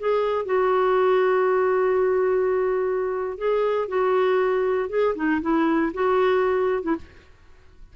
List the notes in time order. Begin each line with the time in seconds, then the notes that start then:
0.00 G#4
0.46 F#4
3.38 G#4
3.89 F#4
4.90 G#4
5.16 D#4
5.42 E4
5.94 F#4
6.83 E4